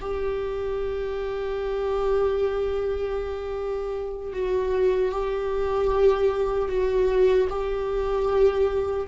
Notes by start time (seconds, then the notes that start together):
0.00 G4
4.32 F#4
5.11 G4
6.69 F#4
7.49 G4